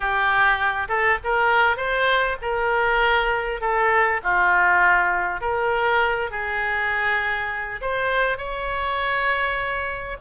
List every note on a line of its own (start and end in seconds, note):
0.00 0.88 G4
0.88 1.18 A4
1.24 1.76 A#4
1.76 2.36 C5
2.41 3.60 A#4
3.60 4.20 A4
4.23 5.40 F4
5.40 6.30 A#4
6.30 7.80 G#4
7.81 8.37 C5
8.37 10.17 C#5